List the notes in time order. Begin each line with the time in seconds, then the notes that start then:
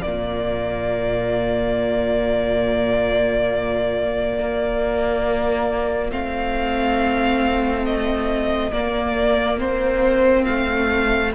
0.00 A#2 A#3 F4 D5
4.38 A#3
6.10 A3 C4 F5
7.85 D#5
8.72 A#3 D5
9.58 C4 C5
10.45 A3 F5